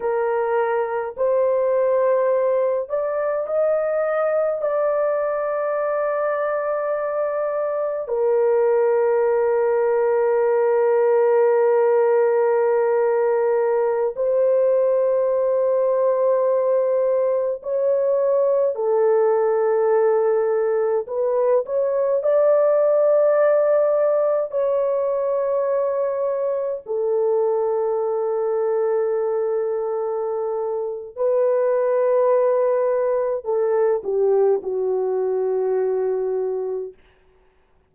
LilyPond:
\new Staff \with { instrumentName = "horn" } { \time 4/4 \tempo 4 = 52 ais'4 c''4. d''8 dis''4 | d''2. ais'4~ | ais'1~ | ais'16 c''2. cis''8.~ |
cis''16 a'2 b'8 cis''8 d''8.~ | d''4~ d''16 cis''2 a'8.~ | a'2. b'4~ | b'4 a'8 g'8 fis'2 | }